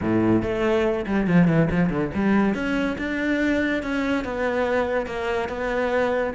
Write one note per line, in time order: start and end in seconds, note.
0.01 0.42 A2
0.42 1.05 A3
1.06 1.27 G3
1.27 1.47 F3
1.47 1.68 E3
1.71 1.89 F3
1.89 2.10 D3
2.14 2.54 G3
2.54 2.96 C#4
2.98 3.82 D4
3.82 4.24 C#4
4.24 5.06 B3
5.06 5.48 A#3
5.48 6.33 B3